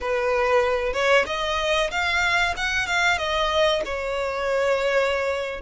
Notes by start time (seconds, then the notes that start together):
0.00 B4
0.93 C#5
1.26 D#5
1.90 F5
2.56 F#5
2.86 F5
3.17 D#5
3.85 C#5